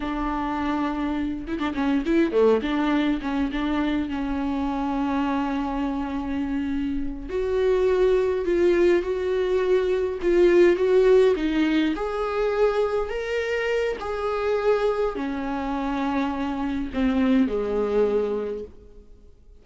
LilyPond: \new Staff \with { instrumentName = "viola" } { \time 4/4 \tempo 4 = 103 d'2~ d'8 e'16 d'16 cis'8 e'8 | a8 d'4 cis'8 d'4 cis'4~ | cis'1~ | cis'8 fis'2 f'4 fis'8~ |
fis'4. f'4 fis'4 dis'8~ | dis'8 gis'2 ais'4. | gis'2 cis'2~ | cis'4 c'4 gis2 | }